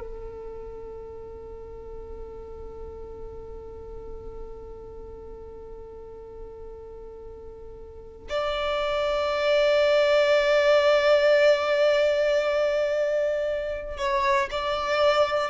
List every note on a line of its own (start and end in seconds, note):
0.00 8.28 A4
8.29 13.97 D5
13.97 14.49 C#5
14.51 15.50 D5